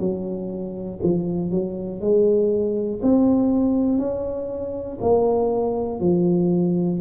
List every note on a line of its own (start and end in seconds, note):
0.00 1.00 F#3
1.03 1.51 F3
1.51 2.01 F#3
2.01 3.01 G#3
3.03 3.99 C4
3.99 4.99 C#4
5.01 6.01 A#3
6.01 7.01 F3